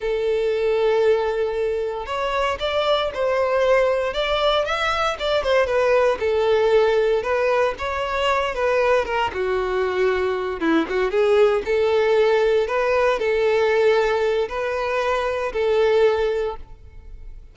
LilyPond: \new Staff \with { instrumentName = "violin" } { \time 4/4 \tempo 4 = 116 a'1 | cis''4 d''4 c''2 | d''4 e''4 d''8 c''8 b'4 | a'2 b'4 cis''4~ |
cis''8 b'4 ais'8 fis'2~ | fis'8 e'8 fis'8 gis'4 a'4.~ | a'8 b'4 a'2~ a'8 | b'2 a'2 | }